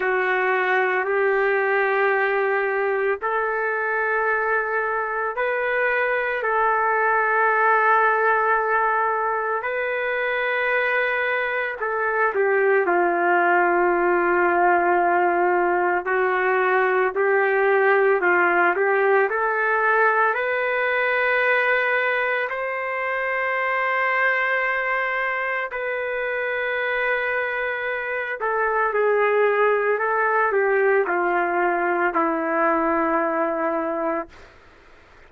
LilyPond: \new Staff \with { instrumentName = "trumpet" } { \time 4/4 \tempo 4 = 56 fis'4 g'2 a'4~ | a'4 b'4 a'2~ | a'4 b'2 a'8 g'8 | f'2. fis'4 |
g'4 f'8 g'8 a'4 b'4~ | b'4 c''2. | b'2~ b'8 a'8 gis'4 | a'8 g'8 f'4 e'2 | }